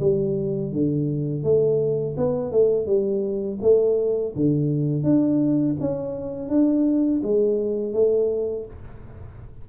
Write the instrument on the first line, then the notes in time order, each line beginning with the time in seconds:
tuba
0.00 G3
0.72 D3
1.44 A3
2.17 B3
2.52 A3
2.87 G3
3.61 A3
4.35 D3
5.03 D4
5.80 C#4
6.49 D4
7.23 G#3
7.93 A3